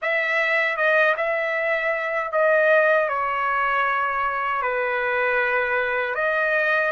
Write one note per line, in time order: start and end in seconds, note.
0.02 0.77 E5
0.77 1.15 D#5
1.16 2.31 E5
2.31 3.08 D#5
3.08 4.62 C#5
4.62 6.15 B4
6.15 6.91 D#5